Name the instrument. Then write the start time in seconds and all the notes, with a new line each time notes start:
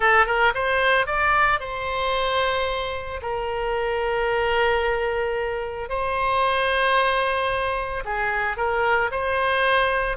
oboe
0.00 A4
0.26 A#4
0.54 C5
1.06 D5
1.60 C5
3.22 A#4
5.89 C5
8.04 G#4
8.57 A#4
9.11 C5